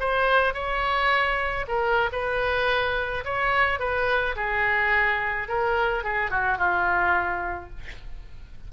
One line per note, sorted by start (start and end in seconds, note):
0.00 0.54 C5
0.54 1.66 C#5
1.68 2.10 A#4
2.12 3.24 B4
3.25 3.80 C#5
3.80 4.36 B4
4.36 5.48 G#4
5.49 6.04 A#4
6.04 6.31 G#4
6.31 6.58 F#4
6.58 7.70 F4